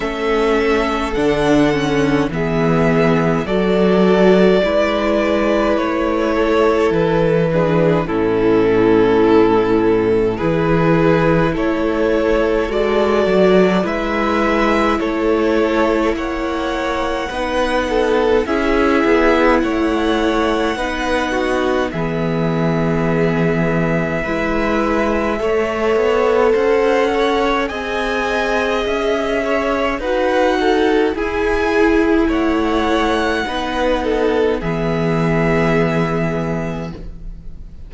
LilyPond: <<
  \new Staff \with { instrumentName = "violin" } { \time 4/4 \tempo 4 = 52 e''4 fis''4 e''4 d''4~ | d''4 cis''4 b'4 a'4~ | a'4 b'4 cis''4 d''4 | e''4 cis''4 fis''2 |
e''4 fis''2 e''4~ | e''2. fis''4 | gis''4 e''4 fis''4 gis''4 | fis''2 e''2 | }
  \new Staff \with { instrumentName = "violin" } { \time 4/4 a'2 gis'4 a'4 | b'4. a'4 gis'8 e'4~ | e'4 gis'4 a'2 | b'4 a'4 cis''4 b'8 a'8 |
gis'4 cis''4 b'8 fis'8 gis'4~ | gis'4 b'4 cis''4 c''8 cis''8 | dis''4. cis''8 b'8 a'8 gis'4 | cis''4 b'8 a'8 gis'2 | }
  \new Staff \with { instrumentName = "viola" } { \time 4/4 cis'4 d'8 cis'8 b4 fis'4 | e'2~ e'8 d'8 cis'4~ | cis'4 e'2 fis'4 | e'2. dis'4 |
e'2 dis'4 b4~ | b4 e'4 a'2 | gis'2 fis'4 e'4~ | e'4 dis'4 b2 | }
  \new Staff \with { instrumentName = "cello" } { \time 4/4 a4 d4 e4 fis4 | gis4 a4 e4 a,4~ | a,4 e4 a4 gis8 fis8 | gis4 a4 ais4 b4 |
cis'8 b8 a4 b4 e4~ | e4 gis4 a8 b8 cis'4 | c'4 cis'4 dis'4 e'4 | a4 b4 e2 | }
>>